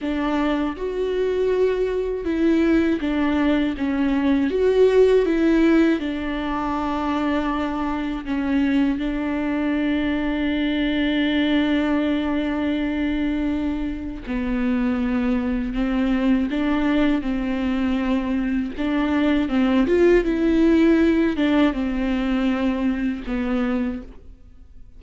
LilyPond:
\new Staff \with { instrumentName = "viola" } { \time 4/4 \tempo 4 = 80 d'4 fis'2 e'4 | d'4 cis'4 fis'4 e'4 | d'2. cis'4 | d'1~ |
d'2. b4~ | b4 c'4 d'4 c'4~ | c'4 d'4 c'8 f'8 e'4~ | e'8 d'8 c'2 b4 | }